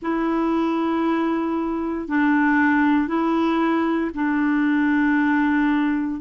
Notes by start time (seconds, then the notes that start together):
0.01 E4
2.07 D4
3.07 E4
4.14 D4